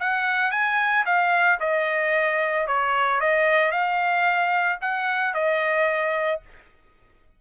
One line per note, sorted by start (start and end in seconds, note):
0.00 0.51 F#5
0.51 1.05 G#5
1.06 1.59 F5
1.60 2.67 D#5
2.67 3.20 C#5
3.20 3.72 D#5
3.72 4.79 F5
4.81 5.34 F#5
5.34 6.41 D#5